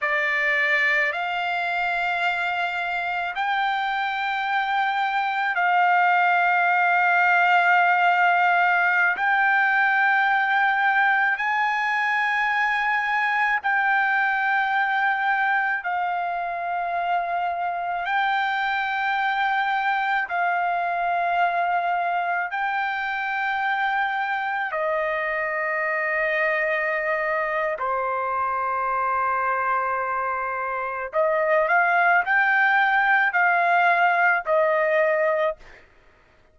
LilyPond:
\new Staff \with { instrumentName = "trumpet" } { \time 4/4 \tempo 4 = 54 d''4 f''2 g''4~ | g''4 f''2.~ | f''16 g''2 gis''4.~ gis''16~ | gis''16 g''2 f''4.~ f''16~ |
f''16 g''2 f''4.~ f''16~ | f''16 g''2 dis''4.~ dis''16~ | dis''4 c''2. | dis''8 f''8 g''4 f''4 dis''4 | }